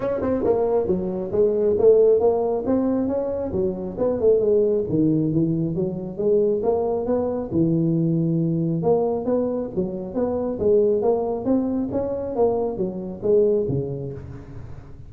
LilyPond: \new Staff \with { instrumentName = "tuba" } { \time 4/4 \tempo 4 = 136 cis'8 c'8 ais4 fis4 gis4 | a4 ais4 c'4 cis'4 | fis4 b8 a8 gis4 dis4 | e4 fis4 gis4 ais4 |
b4 e2. | ais4 b4 fis4 b4 | gis4 ais4 c'4 cis'4 | ais4 fis4 gis4 cis4 | }